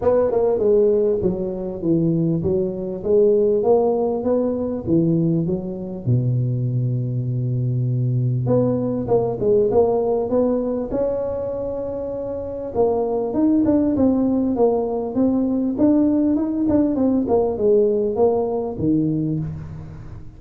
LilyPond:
\new Staff \with { instrumentName = "tuba" } { \time 4/4 \tempo 4 = 99 b8 ais8 gis4 fis4 e4 | fis4 gis4 ais4 b4 | e4 fis4 b,2~ | b,2 b4 ais8 gis8 |
ais4 b4 cis'2~ | cis'4 ais4 dis'8 d'8 c'4 | ais4 c'4 d'4 dis'8 d'8 | c'8 ais8 gis4 ais4 dis4 | }